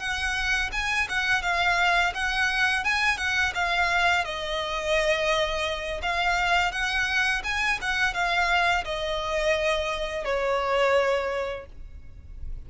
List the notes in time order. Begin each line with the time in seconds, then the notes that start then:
0.00 F#5
0.73 G#5
1.10 F#5
1.43 F5
2.15 F#5
2.85 G#5
3.18 F#5
3.55 F5
4.25 D#5
6.03 F5
6.72 F#5
7.44 G#5
7.82 F#5
8.14 F5
8.85 D#5
10.25 C#5